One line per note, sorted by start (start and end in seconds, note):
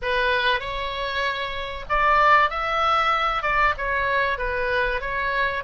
0.01 0.60 B4
0.60 1.85 C#5
1.89 2.50 D5
2.50 3.42 E5
3.42 3.73 D5
3.77 4.38 C#5
4.38 5.00 B4
5.01 5.63 C#5